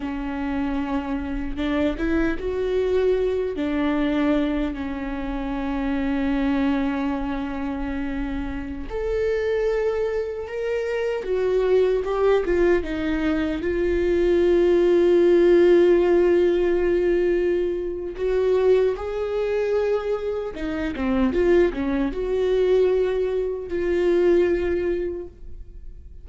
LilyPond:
\new Staff \with { instrumentName = "viola" } { \time 4/4 \tempo 4 = 76 cis'2 d'8 e'8 fis'4~ | fis'8 d'4. cis'2~ | cis'2.~ cis'16 a'8.~ | a'4~ a'16 ais'4 fis'4 g'8 f'16~ |
f'16 dis'4 f'2~ f'8.~ | f'2. fis'4 | gis'2 dis'8 c'8 f'8 cis'8 | fis'2 f'2 | }